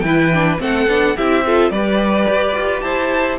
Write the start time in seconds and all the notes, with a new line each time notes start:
0.00 E3 E4 B4 G5
0.33 D4
0.58 A3 C4 A4 F#5
0.87 B3 D4
1.17 C4 E4 G4 E5
1.46 F4 A4
1.70 G3 G4 B4 D5
2.28 G4
2.55 F4
2.80 E4 C5 A5